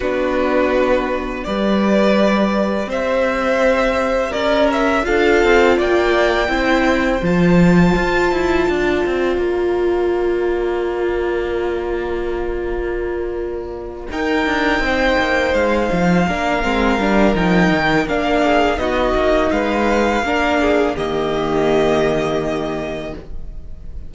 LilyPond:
<<
  \new Staff \with { instrumentName = "violin" } { \time 4/4 \tempo 4 = 83 b'2 d''2 | e''2 d''8 e''8 f''4 | g''2 a''2~ | a''4 ais''2.~ |
ais''2.~ ais''8 g''8~ | g''4. f''2~ f''8 | g''4 f''4 dis''4 f''4~ | f''4 dis''2. | }
  \new Staff \with { instrumentName = "violin" } { \time 4/4 fis'2 b'2 | c''2 ais'4 a'4 | d''4 c''2. | d''1~ |
d''2.~ d''8 ais'8~ | ais'8 c''2 ais'4.~ | ais'4. gis'8 fis'4 b'4 | ais'8 gis'8 g'2. | }
  \new Staff \with { instrumentName = "viola" } { \time 4/4 d'2 g'2~ | g'2. f'4~ | f'4 e'4 f'2~ | f'1~ |
f'2.~ f'8 dis'8~ | dis'2~ dis'8 d'8 c'8 d'8 | dis'4 d'4 dis'2 | d'4 ais2. | }
  \new Staff \with { instrumentName = "cello" } { \time 4/4 b2 g2 | c'2 cis'4 d'8 c'8 | ais4 c'4 f4 f'8 e'8 | d'8 c'8 ais2.~ |
ais2.~ ais8 dis'8 | d'8 c'8 ais8 gis8 f8 ais8 gis8 g8 | f8 dis8 ais4 b8 ais8 gis4 | ais4 dis2. | }
>>